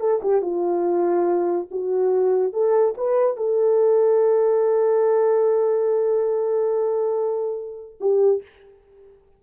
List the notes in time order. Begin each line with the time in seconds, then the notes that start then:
0.00 A4
0.23 G4
0.42 F4
1.71 F#4
2.53 A4
2.97 B4
3.37 A4
8.01 G4